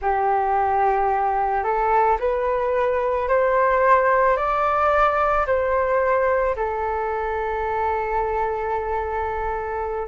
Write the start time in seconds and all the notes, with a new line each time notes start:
0.01 G4
1.63 A4
2.19 B4
3.28 C5
4.36 D5
5.46 C5
6.56 A4